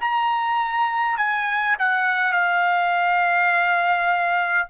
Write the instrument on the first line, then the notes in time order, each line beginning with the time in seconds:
trumpet
0.00 A#5
1.18 G#5
1.79 F#5
2.33 F5